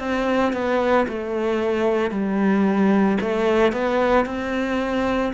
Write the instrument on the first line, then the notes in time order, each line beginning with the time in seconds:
cello
0.00 C4
0.54 B3
1.08 A3
2.11 G3
3.21 A3
3.73 B3
4.26 C4